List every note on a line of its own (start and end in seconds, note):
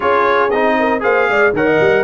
0.00 0.52 C#4
0.00 0.49 F4
0.00 0.76 G#4
0.00 0.50 C#5
0.50 1.03 C4
0.50 1.00 D#4
0.50 1.01 D#5
0.79 1.03 A#4
1.00 1.29 A#3
1.00 1.51 G#4
1.00 1.28 C5
1.00 1.54 F5
1.29 1.53 G#3
1.29 1.55 D5
1.53 1.79 D#3
1.53 2.04 A#4
1.53 1.66 C#5
1.53 2.04 F#5
1.66 2.04 D#5
1.79 2.04 G3